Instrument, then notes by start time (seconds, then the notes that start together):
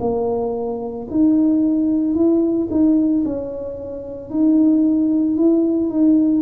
tuba
0.00 A#3
1.11 D#4
2.14 E4
2.70 D#4
3.25 C#4
4.30 D#4
5.37 E4
5.90 D#4